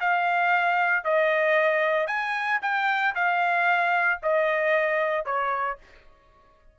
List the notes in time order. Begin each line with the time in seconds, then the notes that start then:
0.00 F5
1.04 D#5
2.07 G#5
2.61 G5
3.15 F5
4.22 D#5
5.25 C#5